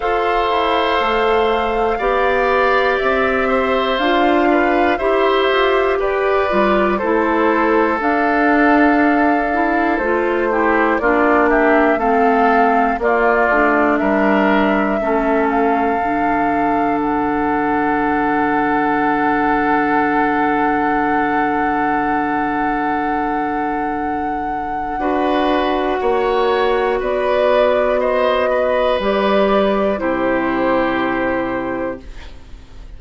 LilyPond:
<<
  \new Staff \with { instrumentName = "flute" } { \time 4/4 \tempo 4 = 60 f''2. e''4 | f''4 e''4 d''4 c''4 | f''2 c''4 d''8 e''8 | f''4 d''4 e''4. f''8~ |
f''4 fis''2.~ | fis''1~ | fis''2. d''4 | dis''4 d''4 c''2 | }
  \new Staff \with { instrumentName = "oboe" } { \time 4/4 c''2 d''4. c''8~ | c''8 b'8 c''4 b'4 a'4~ | a'2~ a'8 g'8 f'8 g'8 | a'4 f'4 ais'4 a'4~ |
a'1~ | a'1~ | a'4 b'4 cis''4 b'4 | c''8 b'4. g'2 | }
  \new Staff \with { instrumentName = "clarinet" } { \time 4/4 a'2 g'2 | f'4 g'4. f'8 e'4 | d'4. e'8 f'8 e'8 d'4 | c'4 ais8 d'4. cis'4 |
d'1~ | d'1~ | d'4 fis'2.~ | fis'4 g'4 e'2 | }
  \new Staff \with { instrumentName = "bassoon" } { \time 4/4 f'8 e'8 a4 b4 c'4 | d'4 e'8 f'8 g'8 g8 a4 | d'2 a4 ais4 | a4 ais8 a8 g4 a4 |
d1~ | d1~ | d4 d'4 ais4 b4~ | b4 g4 c2 | }
>>